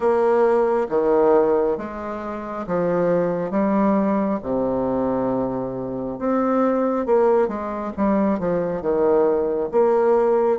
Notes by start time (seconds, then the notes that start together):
0.00 A#3
0.89 D#3
1.77 G#3
2.67 F3
3.51 G3
4.42 C3
6.18 C4
7.06 A#3
7.48 G#3
7.97 G3
8.39 F3
8.81 D#3
9.71 A#3